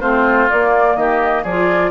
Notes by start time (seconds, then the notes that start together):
0.00 A3 C4 F4 C5
0.49 A#3 D5
0.96 D#3 G4 D#5
1.43 F3 F4 G#4 D5